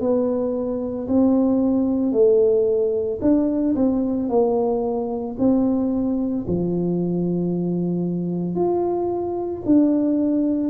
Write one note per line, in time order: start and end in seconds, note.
0.00 1.07 B3
1.07 2.12 C4
2.12 3.19 A3
3.21 3.75 D4
3.75 4.29 C4
4.29 5.36 A#3
5.38 6.45 C4
6.47 8.55 F3
8.55 9.62 F4
9.65 10.69 D4